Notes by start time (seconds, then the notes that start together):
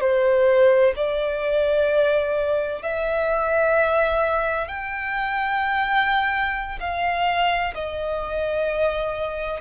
0.00 C5
0.95 D5
2.82 E5
4.68 G5
6.80 F5
7.74 D#5